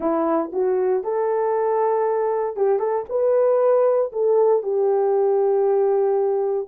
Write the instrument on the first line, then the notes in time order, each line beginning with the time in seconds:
horn
0.00 E4
0.52 F#4
1.03 A4
2.56 G4
2.79 A4
3.09 B4
4.12 A4
4.62 G4